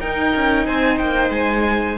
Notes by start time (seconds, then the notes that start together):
0.00 D#4 A#4 G5
0.36 C#4
0.66 C4 C5 G#5
0.98 A#3 G5
1.30 G#3 G#5